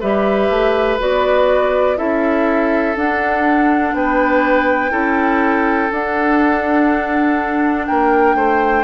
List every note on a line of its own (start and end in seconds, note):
0.00 0.50 G3
0.00 0.99 G4
0.00 1.97 B4
0.00 0.99 E5
0.50 0.99 A3
0.99 1.99 B3
0.99 1.97 F#4
0.99 1.98 D5
1.97 2.96 C#4
1.97 2.95 E4
1.97 3.95 A4
1.97 2.96 E5
2.96 3.93 D4
2.96 4.90 D4
2.96 3.95 F#5
3.93 4.91 B3
3.93 4.91 B4
3.93 5.92 G5
4.90 5.90 C#4
4.90 5.89 E4
4.90 7.86 A4
5.92 7.89 D4
5.92 8.84 D4
5.92 7.86 F#5
7.86 8.35 A#3
7.86 8.36 A#4
7.86 8.84 G5
8.35 8.84 A3
8.35 8.84 C5